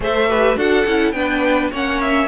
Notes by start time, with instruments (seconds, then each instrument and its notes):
0.00 cello A3, viola A4, violin C5 E5
0.28 viola G4, violin B4
0.55 cello D4, viola F#4, violin A4 F#5
0.86 cello C#4, viola E4
1.11 cello B3, viola D4, violin B4 G5
1.71 cello A#3, viola C#4, violin C#5 F#5
2.01 violin E5